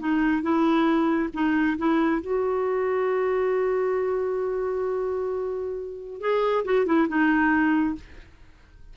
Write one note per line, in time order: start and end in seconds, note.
0.00 0.43 D#4
0.43 1.30 E4
1.34 1.78 D#4
1.78 2.22 E4
2.22 6.21 F#4
6.21 6.65 G#4
6.66 6.87 F#4
6.87 7.08 E4
7.09 7.96 D#4